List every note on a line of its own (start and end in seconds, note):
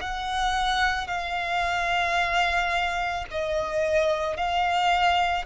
0.00 1.07 F#5
1.07 3.25 F5
3.30 4.36 D#5
4.36 5.45 F5